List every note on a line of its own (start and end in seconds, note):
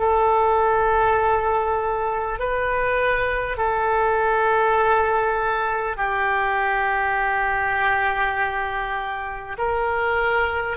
0.00 2.39 A4
2.39 3.58 B4
3.58 5.97 A4
5.97 9.57 G4
9.59 10.78 A#4